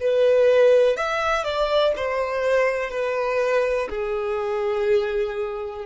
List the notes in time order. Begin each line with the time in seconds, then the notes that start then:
0.00 B4
0.97 E5
1.44 D5
1.96 C5
2.90 B4
3.89 G#4